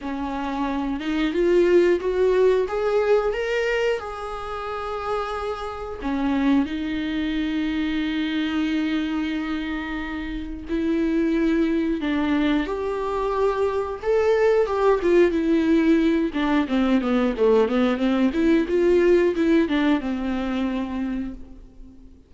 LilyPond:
\new Staff \with { instrumentName = "viola" } { \time 4/4 \tempo 4 = 90 cis'4. dis'8 f'4 fis'4 | gis'4 ais'4 gis'2~ | gis'4 cis'4 dis'2~ | dis'1 |
e'2 d'4 g'4~ | g'4 a'4 g'8 f'8 e'4~ | e'8 d'8 c'8 b8 a8 b8 c'8 e'8 | f'4 e'8 d'8 c'2 | }